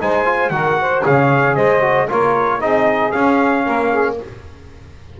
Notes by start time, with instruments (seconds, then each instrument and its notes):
0.00 double bass G#3, trombone D#4, saxophone C5, trumpet G#5
0.25 trombone F4
0.49 double bass D#3, trombone F#4, saxophone A#4, trumpet F#5
0.80 saxophone C5
1.03 double bass C#3, trombone G#4, saxophone C#5, trumpet F5
1.55 double bass G#3, saxophone C5, trumpet D#5
1.81 trombone F#4
2.07 double bass A#3, trombone F4, saxophone A#4, trumpet C#5
2.59 double bass C4, trombone D#4, saxophone G#4, trumpet D#5
3.11 trombone C#4, double bass C#4, trumpet F5
3.64 double bass A#3, saxophone A#4
3.90 saxophone G#4